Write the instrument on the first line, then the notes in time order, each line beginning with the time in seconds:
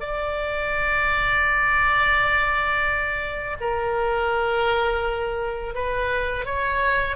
oboe
0.00 D5
3.61 A#4
5.75 B4
6.45 C#5